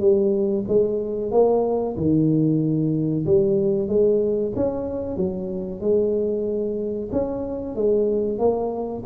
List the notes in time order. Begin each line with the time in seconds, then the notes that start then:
0.00 G3
0.68 G#3
1.31 A#3
1.97 D#3
3.26 G3
3.88 G#3
4.56 C#4
5.17 F#3
5.81 G#3
7.12 C#4
7.76 G#3
8.39 A#3